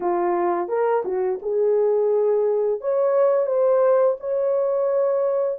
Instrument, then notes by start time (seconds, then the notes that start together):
horn
0.00 F4
0.68 A#4
1.05 F#4
1.41 G#4
2.81 C#5
3.46 C5
4.20 C#5